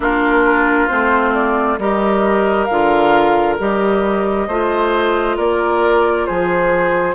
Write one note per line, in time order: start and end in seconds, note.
0.00 0.87 A#3
0.00 0.89 D4
0.00 1.79 F4
0.00 0.88 A#4
0.88 1.78 A3
0.88 1.78 C4
0.88 1.32 C5
1.34 1.78 D5
1.78 2.68 G3
1.78 2.69 G4
1.78 4.47 A#4
1.78 2.65 D#5
2.65 3.59 D3
2.65 3.58 F4
2.65 3.54 F5
3.58 4.47 G3
3.58 4.48 G4
3.58 5.38 D#5
4.47 5.37 A3
4.47 7.14 F4
4.47 5.37 C5
5.37 6.27 A#3
5.37 6.26 A#4
5.37 6.25 D5
6.25 7.14 F3
6.25 7.14 G#4
6.25 7.14 C5